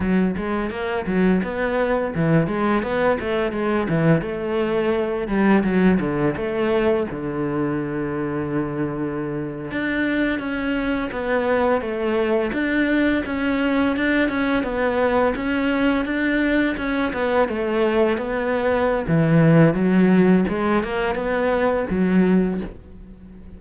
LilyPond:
\new Staff \with { instrumentName = "cello" } { \time 4/4 \tempo 4 = 85 fis8 gis8 ais8 fis8 b4 e8 gis8 | b8 a8 gis8 e8 a4. g8 | fis8 d8 a4 d2~ | d4.~ d16 d'4 cis'4 b16~ |
b8. a4 d'4 cis'4 d'16~ | d'16 cis'8 b4 cis'4 d'4 cis'16~ | cis'16 b8 a4 b4~ b16 e4 | fis4 gis8 ais8 b4 fis4 | }